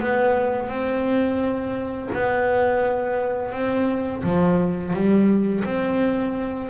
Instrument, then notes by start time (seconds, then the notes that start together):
double bass
0.00 B3
0.68 C4
2.14 B3
3.52 C4
4.23 F3
4.93 G3
5.64 C4